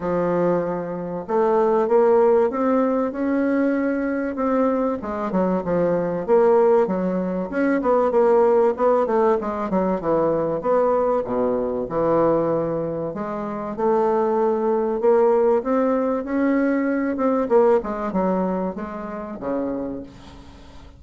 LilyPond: \new Staff \with { instrumentName = "bassoon" } { \time 4/4 \tempo 4 = 96 f2 a4 ais4 | c'4 cis'2 c'4 | gis8 fis8 f4 ais4 fis4 | cis'8 b8 ais4 b8 a8 gis8 fis8 |
e4 b4 b,4 e4~ | e4 gis4 a2 | ais4 c'4 cis'4. c'8 | ais8 gis8 fis4 gis4 cis4 | }